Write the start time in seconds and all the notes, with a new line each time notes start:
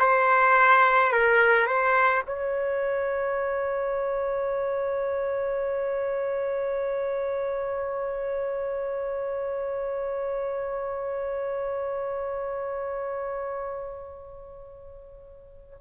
0.00 C5
1.13 A#4
1.67 C5
2.27 C#5